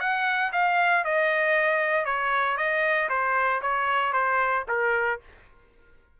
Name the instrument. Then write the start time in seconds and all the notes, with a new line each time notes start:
trumpet
0.00 F#5
0.52 F5
1.04 D#5
2.05 C#5
2.57 D#5
3.09 C5
3.61 C#5
4.13 C5
4.68 A#4